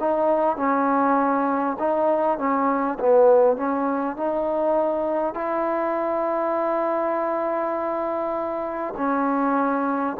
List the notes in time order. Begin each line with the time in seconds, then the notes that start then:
0.00 D#4
0.57 C#4
1.79 D#4
2.38 C#4
2.99 B3
3.57 C#4
4.17 D#4
5.34 E4
8.97 C#4